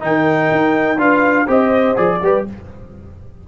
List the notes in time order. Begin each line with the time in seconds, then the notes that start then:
0.00 D#3 D#4 G5
0.06 A#4
0.51 D#4
0.98 D4 F4 B4 F5
1.46 C4 G4 C5 D#5
1.96 F3 G#4 D5
2.22 G3 G4 B4